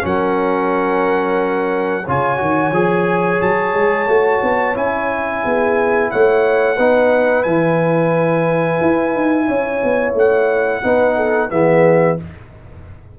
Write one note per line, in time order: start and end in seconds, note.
0.00 2.07 F#3
0.00 2.02 C#4
0.00 2.04 A#4
0.00 2.08 F#5
2.04 2.41 C#3
2.04 2.37 F4
2.04 5.41 C#5
2.04 3.41 G#5
2.37 2.71 D#3
2.37 2.71 F#4
2.71 3.38 F3
2.71 4.08 G#4
3.41 3.73 F#3
3.41 4.76 A5
3.73 4.07 G#3
4.07 4.41 A3
4.07 4.74 F#4
4.42 4.76 B3
4.74 5.43 C#4
4.74 6.77 E4
4.74 6.11 G#5
5.43 6.12 B3
5.43 6.10 G#4
6.11 6.78 A3
6.11 6.76 C#5
6.11 7.43 F#5
6.76 7.45 B3
6.76 7.46 D#4
6.76 9.45 B4
7.43 8.80 E3
7.43 10.82 E4
7.43 10.12 G#5
8.81 9.14 E4
9.15 9.48 D#4
9.47 9.82 C#4
9.47 10.82 C#5
9.83 10.14 B3
10.14 10.81 A3
10.14 11.50 F#5
10.82 11.51 B3
10.82 11.49 D#4
10.82 11.16 B4
11.16 11.49 A4
11.49 12.18 E3
11.49 12.17 B3
11.49 12.19 G#4
11.49 12.17 E5